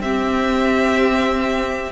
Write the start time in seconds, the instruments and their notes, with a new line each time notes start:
0.00 cello C4, viola C4, violin G4 E5